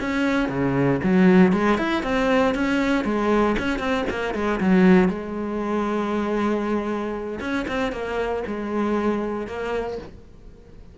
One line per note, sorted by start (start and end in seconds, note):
0.00 0.49 C#4
0.49 1.00 C#3
1.03 1.53 F#3
1.53 1.78 G#3
1.78 2.03 E4
2.03 2.54 C4
2.54 3.04 C#4
3.04 3.56 G#3
3.59 3.79 C#4
3.79 4.05 C4
4.10 4.34 A#3
4.34 4.60 G#3
4.60 5.09 F#3
5.09 7.39 G#3
7.40 7.66 C#4
7.68 7.92 C4
7.92 8.43 A#3
8.47 9.47 G#3
9.47 9.98 A#3